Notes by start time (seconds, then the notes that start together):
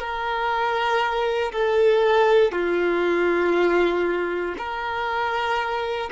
0.00 A#4
1.53 A4
2.52 F4
4.58 A#4